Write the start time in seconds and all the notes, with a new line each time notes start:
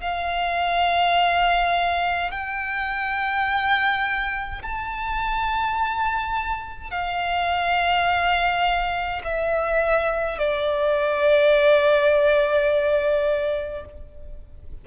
0.00 F5
2.31 G5
4.62 A5
6.91 F5
9.24 E5
10.38 D5